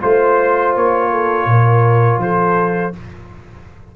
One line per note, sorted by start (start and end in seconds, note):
0.00 0.76 A3
0.00 2.93 F4
0.00 1.10 C5
0.00 0.75 C5
0.76 1.46 A#3
0.76 2.21 C#5
1.10 1.47 A4
1.46 2.18 A#2
1.46 2.22 A#4
2.18 2.91 F3
2.18 2.95 A4
2.18 2.94 C5